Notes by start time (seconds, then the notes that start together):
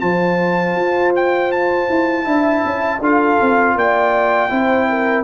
0.00 F3 F4 C5 A5
0.76 F4
1.16 G5
1.52 A5
1.90 E4
2.24 D4 E4 E5
2.65 C#4
3.00 D4 F4 A4 F5
3.42 C4
3.75 A#3 D5 G5
4.50 C4 E4 C5
4.90 A#4